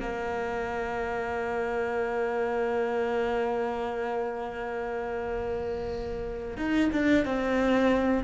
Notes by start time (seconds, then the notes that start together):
0.00 A#3
6.57 D#4
6.93 D4
7.25 C4